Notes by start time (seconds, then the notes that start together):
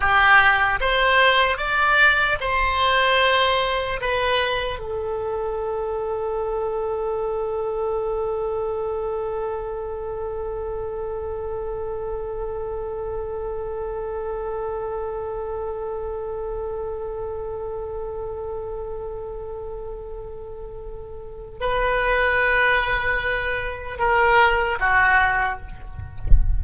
0.00 G4
0.80 C5
1.57 D5
2.40 C5
4.00 B4
4.79 A4
21.60 B4
23.98 A#4
24.79 F#4